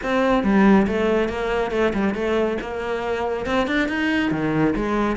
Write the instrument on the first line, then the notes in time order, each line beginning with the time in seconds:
cello
0.02 C4
0.43 G3
0.87 A3
1.28 A#3
1.71 A3
1.93 G3
2.14 A3
2.61 A#3
3.46 C4
3.67 D4
3.88 D#4
4.31 D#3
4.75 G#3